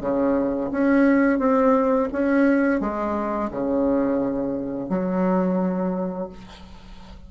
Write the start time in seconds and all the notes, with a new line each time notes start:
0.00 C#3
0.71 C#4
1.39 C4
2.12 C#4
2.80 G#3
3.50 C#3
4.89 F#3